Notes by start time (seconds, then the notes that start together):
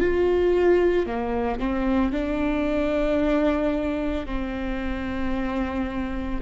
0.00 F4
1.07 A#3
1.60 C4
2.12 D4
4.26 C4